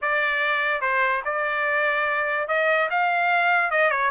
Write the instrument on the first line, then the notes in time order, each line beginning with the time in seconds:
trumpet
0.01 D5
0.81 C5
1.24 D5
2.48 D#5
2.90 F5
3.70 D#5
3.90 C#5